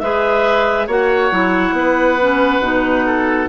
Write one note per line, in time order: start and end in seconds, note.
0.00 0.88 G#3
0.00 0.89 G#4
0.00 0.87 B4
0.00 0.87 E5
0.87 1.31 A#3
0.87 1.32 F#4
0.87 1.74 C#5
0.87 3.50 F#5
1.32 1.73 F#3
1.32 2.19 E4
1.73 2.60 B3
1.73 3.06 B4
2.21 2.62 C#4
2.61 3.47 B2
2.61 3.49 D#4
3.06 3.50 A4